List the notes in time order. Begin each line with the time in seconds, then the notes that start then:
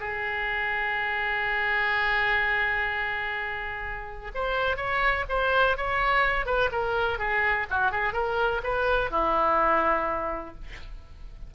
0.00 G#4
4.35 C5
4.77 C#5
5.30 C5
5.77 C#5
6.46 B4
6.72 A#4
7.19 G#4
7.71 F#4
7.92 G#4
8.14 A#4
8.64 B4
9.11 E4